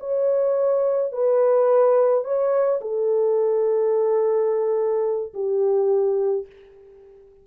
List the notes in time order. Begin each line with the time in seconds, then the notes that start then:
0.00 C#5
1.12 B4
2.24 C#5
2.81 A4
5.34 G4